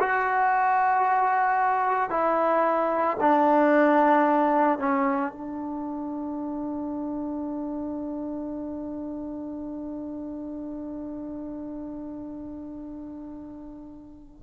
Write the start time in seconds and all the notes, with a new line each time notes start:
0.00 F#4
2.10 E4
3.21 D4
4.79 C#4
5.32 D4